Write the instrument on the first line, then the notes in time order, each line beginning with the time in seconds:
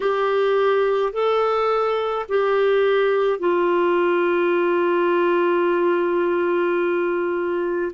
clarinet
0.00 G4
1.12 A4
2.28 G4
3.39 F4